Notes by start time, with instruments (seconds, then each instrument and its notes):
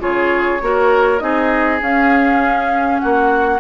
0.00 bassoon C#3, clarinet F4, oboe G#4, flute C#5
0.62 bassoon A#3, clarinet F#4, oboe A#4
1.19 bassoon C4, clarinet D#4, oboe G#4, flute D#5
1.81 bassoon C#4, clarinet C#4, flute F5
3.00 bassoon A#3, oboe F#4, flute F#5